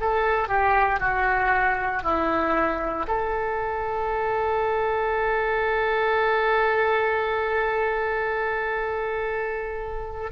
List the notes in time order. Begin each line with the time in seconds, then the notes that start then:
0.00 A4
0.48 G4
1.00 F#4
2.03 E4
3.08 A4